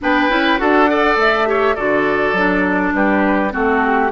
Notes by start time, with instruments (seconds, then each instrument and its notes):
0.01 bassoon B3, clarinet D4, oboe B4, flute G5
0.29 bassoon C#4, clarinet E4
0.57 bassoon D4, clarinet F#4, oboe A4, flute F#5
0.88 clarinet A4, oboe D5
1.16 bassoon A3, flute E5
1.45 clarinet G4, oboe C#5
1.75 bassoon D3, clarinet F#4, oboe A4, flute D5
2.32 bassoon F#3, clarinet D4
2.94 bassoon G3, oboe G4, flute B4
3.50 bassoon A3, clarinet C4, oboe F#4, flute A4
3.85 flute G4